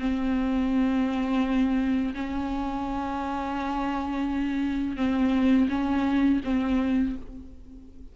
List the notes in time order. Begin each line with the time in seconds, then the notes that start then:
0.00 C4
2.15 C#4
4.97 C4
5.69 C#4
6.45 C4